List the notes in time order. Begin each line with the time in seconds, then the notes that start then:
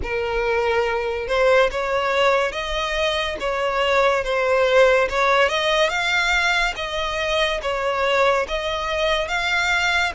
0.02 A#4
1.27 C5
1.71 C#5
2.51 D#5
3.40 C#5
4.23 C5
5.09 C#5
5.48 D#5
5.89 F5
6.76 D#5
7.62 C#5
8.47 D#5
9.27 F5